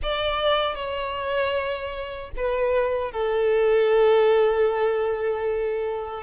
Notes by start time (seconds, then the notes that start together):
0.02 D5
0.75 C#5
2.36 B4
3.11 A4